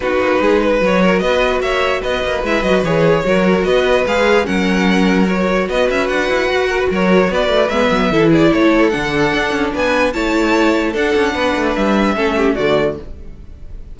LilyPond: <<
  \new Staff \with { instrumentName = "violin" } { \time 4/4 \tempo 4 = 148 b'2 cis''4 dis''4 | e''4 dis''4 e''8 dis''8 cis''4~ | cis''4 dis''4 f''4 fis''4~ | fis''4 cis''4 dis''8 e''8 fis''4~ |
fis''4 cis''4 d''4 e''4~ | e''8 d''8 cis''4 fis''2 | gis''4 a''2 fis''4~ | fis''4 e''2 d''4 | }
  \new Staff \with { instrumentName = "violin" } { \time 4/4 fis'4 gis'8 b'4 ais'8 b'4 | cis''4 b'2. | ais'4 b'2 ais'4~ | ais'2 b'2~ |
b'8 ais'16 b'16 ais'4 b'2 | a'8 gis'8 a'2. | b'4 cis''2 a'4 | b'2 a'8 g'8 fis'4 | }
  \new Staff \with { instrumentName = "viola" } { \time 4/4 dis'2 fis'2~ | fis'2 e'8 fis'8 gis'4 | fis'2 gis'4 cis'4~ | cis'4 fis'2.~ |
fis'2. b4 | e'2 d'2~ | d'4 e'2 d'4~ | d'2 cis'4 a4 | }
  \new Staff \with { instrumentName = "cello" } { \time 4/4 b8 ais8 gis4 fis4 b4 | ais4 b8 ais8 gis8 fis8 e4 | fis4 b4 gis4 fis4~ | fis2 b8 cis'8 d'8 e'8 |
fis'4 fis4 b8 a8 gis8 fis8 | e4 a4 d4 d'8 cis'8 | b4 a2 d'8 cis'8 | b8 a8 g4 a4 d4 | }
>>